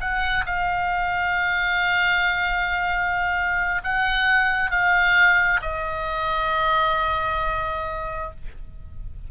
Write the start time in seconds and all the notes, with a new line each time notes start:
0.00 F#5
0.46 F5
3.83 F#5
4.71 F5
5.61 D#5